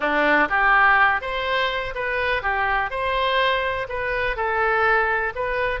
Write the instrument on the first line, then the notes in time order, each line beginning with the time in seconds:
oboe
0.00 D4
0.49 G4
1.21 C5
1.94 B4
2.42 G4
2.90 C5
3.88 B4
4.36 A4
5.35 B4